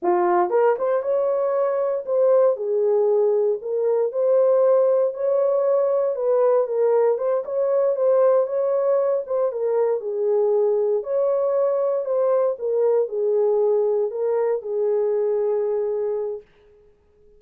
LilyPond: \new Staff \with { instrumentName = "horn" } { \time 4/4 \tempo 4 = 117 f'4 ais'8 c''8 cis''2 | c''4 gis'2 ais'4 | c''2 cis''2 | b'4 ais'4 c''8 cis''4 c''8~ |
c''8 cis''4. c''8 ais'4 gis'8~ | gis'4. cis''2 c''8~ | c''8 ais'4 gis'2 ais'8~ | ais'8 gis'2.~ gis'8 | }